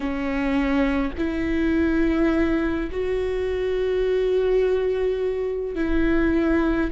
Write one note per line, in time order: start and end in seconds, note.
0.00 1.11 C#4
1.17 2.90 E4
2.91 5.75 F#4
5.75 6.90 E4